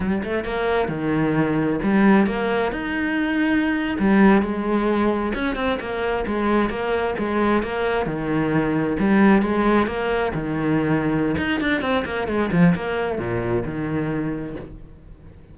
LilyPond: \new Staff \with { instrumentName = "cello" } { \time 4/4 \tempo 4 = 132 g8 a8 ais4 dis2 | g4 ais4 dis'2~ | dis'8. g4 gis2 cis'16~ | cis'16 c'8 ais4 gis4 ais4 gis16~ |
gis8. ais4 dis2 g16~ | g8. gis4 ais4 dis4~ dis16~ | dis4 dis'8 d'8 c'8 ais8 gis8 f8 | ais4 ais,4 dis2 | }